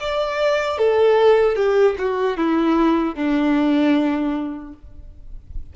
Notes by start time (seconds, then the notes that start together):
0.00 D5
0.78 A4
1.56 G4
1.98 F#4
2.37 E4
3.15 D4